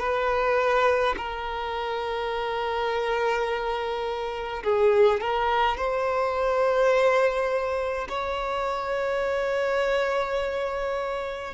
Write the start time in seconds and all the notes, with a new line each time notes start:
0.00 B4
1.17 A#4
4.64 G#4
5.21 A#4
5.77 C5
8.09 C#5